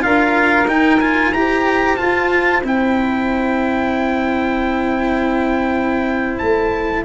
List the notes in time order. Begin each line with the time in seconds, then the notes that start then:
0.00 D4 F4 A#4 F5
0.67 D#4 G5
1.00 F4 G#5
1.33 E4 G4 C5 A#5
1.97 F4 A5
2.63 C4 E4 G5
6.38 A3 A5